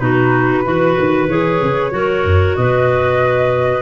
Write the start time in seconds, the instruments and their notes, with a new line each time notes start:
0.00 tuba B2, clarinet D#4 F#4, flute B4
0.65 tuba E3, clarinet F#4 B4
0.99 tuba D#3
1.29 tuba E3, clarinet G#4, flute C#5
1.62 tuba C#3
1.91 tuba F#3, clarinet F#4 A#4
2.25 tuba F#2
2.56 tuba B2, clarinet B4, flute D#5